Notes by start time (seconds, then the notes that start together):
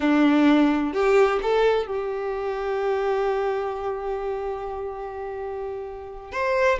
0.00 D4
0.93 G4
1.42 A4
1.86 G4
6.32 C5